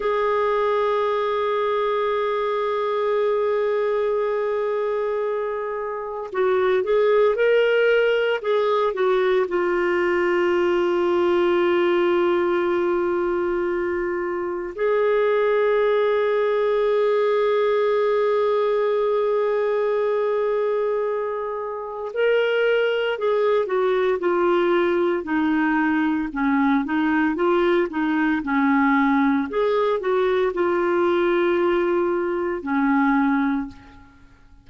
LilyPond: \new Staff \with { instrumentName = "clarinet" } { \time 4/4 \tempo 4 = 57 gis'1~ | gis'2 fis'8 gis'8 ais'4 | gis'8 fis'8 f'2.~ | f'2 gis'2~ |
gis'1~ | gis'4 ais'4 gis'8 fis'8 f'4 | dis'4 cis'8 dis'8 f'8 dis'8 cis'4 | gis'8 fis'8 f'2 cis'4 | }